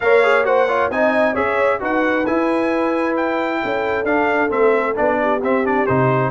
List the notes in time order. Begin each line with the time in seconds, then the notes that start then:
0.00 A#3 A#4 C#5 F5
0.23 G#4
0.44 F#4 C5 F#5
0.67 F4 C#5
0.90 C4 D#4 D#5 G#5
1.33 C#4 G#4 C#5 E5
1.79 D#4 F#4 B4 F#5
2.26 E4 G#5
3.16 G5
3.63 C#4 A4
4.04 D4 F5
4.49 A3 C4 E5
4.95 B3 D4 D5
5.21 G4
5.42 C4 E5
5.64 D4 D5
5.86 C3 D#4 C5